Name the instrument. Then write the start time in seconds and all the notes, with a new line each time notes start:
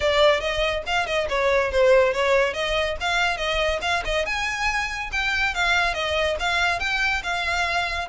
violin
0.00 D5
0.40 D#5
0.86 F5
1.06 D#5
1.29 C#5
1.71 C5
2.13 C#5
2.53 D#5
3.00 F5
3.37 D#5
3.81 F5
4.04 D#5
4.25 G#5
5.12 G5
5.54 F5
5.93 D#5
6.39 F5
6.79 G5
7.23 F5